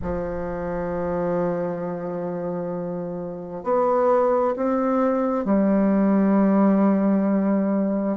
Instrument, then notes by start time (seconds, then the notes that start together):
bassoon
0.02 F3
3.63 B3
4.55 C4
5.44 G3